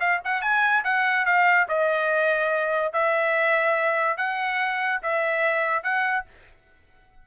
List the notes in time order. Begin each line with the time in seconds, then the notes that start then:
0.00 F5
0.24 F#5
0.42 G#5
0.84 F#5
1.26 F5
1.69 D#5
2.93 E5
4.18 F#5
5.03 E5
5.83 F#5